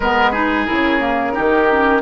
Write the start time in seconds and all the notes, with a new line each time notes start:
0.00 G#3 B3 A#4 B4
0.31 D#4 G#4
0.65 C#3 E4 A#4
1.00 A#3
1.32 D#3 D#4 G4
1.71 C#4